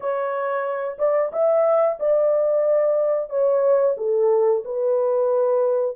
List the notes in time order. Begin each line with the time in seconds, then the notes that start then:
0.00 C#5
0.98 D5
1.32 E5
1.99 D5
3.29 C#5
3.97 A4
4.64 B4